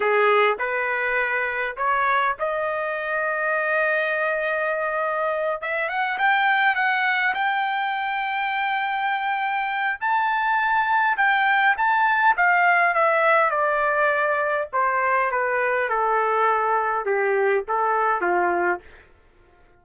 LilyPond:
\new Staff \with { instrumentName = "trumpet" } { \time 4/4 \tempo 4 = 102 gis'4 b'2 cis''4 | dis''1~ | dis''4. e''8 fis''8 g''4 fis''8~ | fis''8 g''2.~ g''8~ |
g''4 a''2 g''4 | a''4 f''4 e''4 d''4~ | d''4 c''4 b'4 a'4~ | a'4 g'4 a'4 f'4 | }